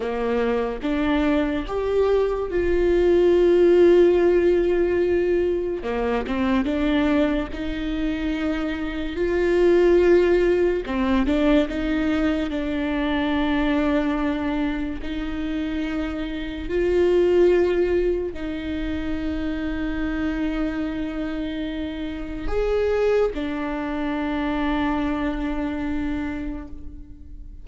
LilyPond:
\new Staff \with { instrumentName = "viola" } { \time 4/4 \tempo 4 = 72 ais4 d'4 g'4 f'4~ | f'2. ais8 c'8 | d'4 dis'2 f'4~ | f'4 c'8 d'8 dis'4 d'4~ |
d'2 dis'2 | f'2 dis'2~ | dis'2. gis'4 | d'1 | }